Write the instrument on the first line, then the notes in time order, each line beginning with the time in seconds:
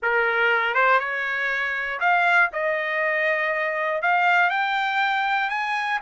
trumpet
0.02 A#4
0.74 C5
0.99 C#5
2.00 F5
2.52 D#5
4.01 F5
4.50 G5
5.49 G#5